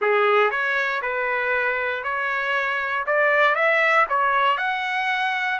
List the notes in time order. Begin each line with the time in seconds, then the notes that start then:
0.01 G#4
0.50 C#5
1.02 B4
2.03 C#5
3.06 D5
3.55 E5
4.09 C#5
4.57 F#5